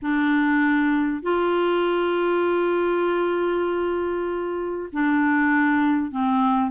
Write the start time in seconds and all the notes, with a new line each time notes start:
0.02 D4
1.22 F4
4.92 D4
6.11 C4